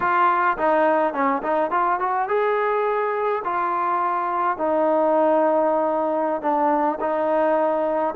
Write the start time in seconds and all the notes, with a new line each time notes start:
0.00 F4
0.57 D#4
1.13 C#4
1.43 D#4
1.71 F4
1.99 F#4
2.28 G#4
3.44 F4
4.57 D#4
6.41 D4
7.00 D#4